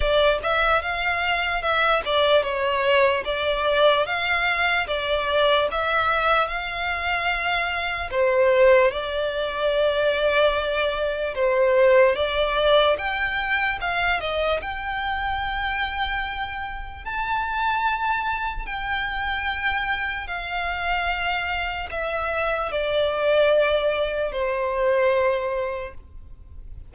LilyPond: \new Staff \with { instrumentName = "violin" } { \time 4/4 \tempo 4 = 74 d''8 e''8 f''4 e''8 d''8 cis''4 | d''4 f''4 d''4 e''4 | f''2 c''4 d''4~ | d''2 c''4 d''4 |
g''4 f''8 dis''8 g''2~ | g''4 a''2 g''4~ | g''4 f''2 e''4 | d''2 c''2 | }